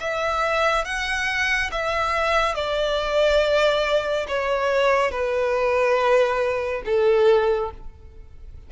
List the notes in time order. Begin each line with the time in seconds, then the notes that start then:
0.00 E5
0.85 F#5
1.71 E5
2.54 D5
4.28 C#5
5.11 B4
6.85 A4